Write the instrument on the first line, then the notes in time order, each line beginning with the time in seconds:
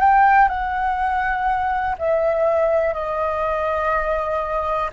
flute
0.00 G5
0.48 F#5
1.98 E5
2.93 D#5